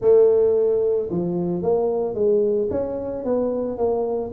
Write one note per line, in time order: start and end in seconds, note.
0.01 1.09 A3
1.10 1.62 F3
1.62 2.14 A#3
2.14 2.68 G#3
2.70 3.24 C#4
3.24 3.77 B3
3.77 4.31 A#3